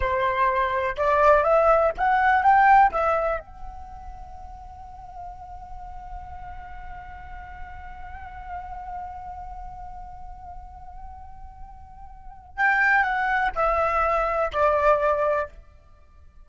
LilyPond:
\new Staff \with { instrumentName = "flute" } { \time 4/4 \tempo 4 = 124 c''2 d''4 e''4 | fis''4 g''4 e''4 fis''4~ | fis''1~ | fis''1~ |
fis''1~ | fis''1~ | fis''2 g''4 fis''4 | e''2 d''2 | }